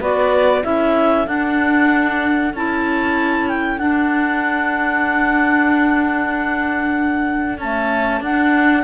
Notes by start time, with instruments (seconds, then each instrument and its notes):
0.00 cello B3, clarinet F#4 D5, saxophone B4
0.63 cello C#4, clarinet E4 E5, saxophone A4
1.26 clarinet D4 F#5, cello D4
2.54 cello C#4, clarinet E4 A5
3.48 clarinet G5
3.78 clarinet D4 F#5, cello D4
7.58 clarinet A3 A5, cello C#4
8.20 cello D4, clarinet D4 F#5